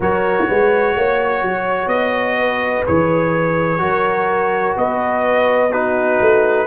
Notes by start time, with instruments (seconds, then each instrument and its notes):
0.00 tuba F#3, trombone F#4, horn A#4, trumpet C#5
0.47 tuba G#3, horn B4
0.96 tuba A#3, horn C#5
1.42 tuba F#3
1.86 tuba B3, trumpet D#5
2.38 horn B4
2.86 tuba E3, trombone G#4, trumpet C#5
3.78 tuba F#3, trombone F#4, horn A#4
4.76 tuba B3, horn B4, trumpet D#5
5.70 trombone D#4, horn F#4, trumpet B4
6.20 tuba A3